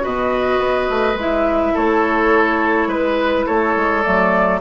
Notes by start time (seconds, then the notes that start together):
0.00 B2 F#4 B4 D#5
0.58 B3
0.89 A3
1.14 G#3 E4 E5
1.74 A3 A4 C#5
2.87 G#3 B4
3.45 A3 A4 C#5
3.76 G#3
4.01 F#3 A3 D5